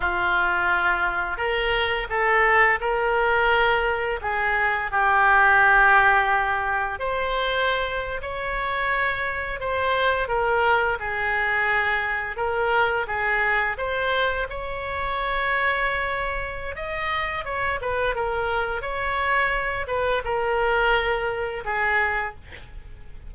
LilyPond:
\new Staff \with { instrumentName = "oboe" } { \time 4/4 \tempo 4 = 86 f'2 ais'4 a'4 | ais'2 gis'4 g'4~ | g'2 c''4.~ c''16 cis''16~ | cis''4.~ cis''16 c''4 ais'4 gis'16~ |
gis'4.~ gis'16 ais'4 gis'4 c''16~ | c''8. cis''2.~ cis''16 | dis''4 cis''8 b'8 ais'4 cis''4~ | cis''8 b'8 ais'2 gis'4 | }